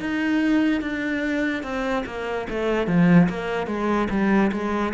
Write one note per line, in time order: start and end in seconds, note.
0.00 0.81 D#4
0.81 1.63 D4
1.63 2.04 C4
2.06 2.47 A#3
2.50 2.87 A3
2.87 3.28 F3
3.29 3.67 A#3
3.67 4.08 G#3
4.10 4.51 G3
4.52 4.93 G#3